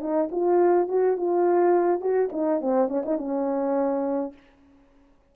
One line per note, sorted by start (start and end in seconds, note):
0.00 0.29 D#4
0.31 0.88 F4
0.88 1.17 F#4
1.17 2.00 F4
2.00 2.29 F#4
2.32 2.61 D#4
2.61 2.88 C4
2.88 3.03 C#4
3.05 3.17 D#4
3.17 4.33 C#4